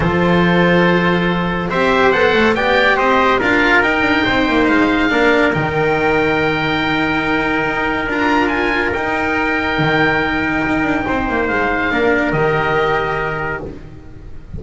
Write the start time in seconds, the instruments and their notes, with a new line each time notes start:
0.00 double bass F3, cello F4, trumpet A4, oboe C5
1.69 double bass C4, cello G4, trumpet C5, oboe E5
2.11 double bass B3, cello A4, oboe F#5
2.33 double bass A3
2.54 double bass B3, cello G4, trumpet D5, oboe G5
2.96 double bass C4, trumpet C5, oboe D#5
3.39 double bass D4, cello F4, trumpet A#4, oboe F5
3.81 double bass D#4, cello D#4, oboe G5
4.01 double bass D4
4.24 double bass C4, trumpet C5
4.48 double bass A#3
4.68 double bass G#3, oboe F5
5.09 double bass A#3, cello D4, trumpet A#4
5.52 double bass D#3, cello D#4, oboe G5
7.66 double bass D#4
8.07 double bass D4, cello F4, oboe A#5
8.48 oboe G#5
8.93 cello D#4, double bass D#4, oboe G5
9.78 double bass D#3
10.66 double bass D#4
10.83 double bass D4
11.07 double bass C4, trumpet C5
11.28 double bass A#3
11.48 double bass G#3, oboe F5
11.91 double bass A#3, cello D4, trumpet A#4
12.32 double bass D#3, cello G4, oboe D#5